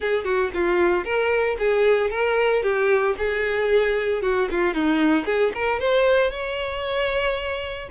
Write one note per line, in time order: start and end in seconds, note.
0.00 0.24 G#4
0.24 0.50 F#4
0.54 1.04 F4
1.04 1.56 A#4
1.58 2.10 G#4
2.10 2.62 A#4
2.62 3.15 G4
3.18 4.22 G#4
4.22 4.48 F#4
4.50 4.74 F4
4.74 5.25 D#4
5.25 5.52 G#4
5.54 5.79 A#4
5.79 6.31 C5
6.31 7.89 C#5